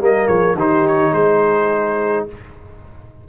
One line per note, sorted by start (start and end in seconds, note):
0.00 0.28 G3
0.00 0.57 A#3
0.00 0.28 A#4
0.00 0.28 D#5
0.28 0.55 F3
0.28 0.56 G#4
0.28 0.56 C#5
0.55 1.11 D#3
0.55 2.29 D#4
0.55 1.13 G4
0.55 0.87 C5
0.87 1.14 C#5
1.13 2.26 G#3
1.13 2.27 G#4
1.13 2.27 C5